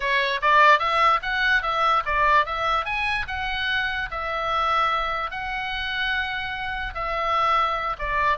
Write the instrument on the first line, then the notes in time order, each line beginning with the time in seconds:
oboe
0.00 C#5
0.41 D5
0.79 E5
1.22 F#5
1.62 E5
2.05 D5
2.45 E5
2.85 G#5
3.27 F#5
4.10 E5
5.30 F#5
6.94 E5
7.98 D5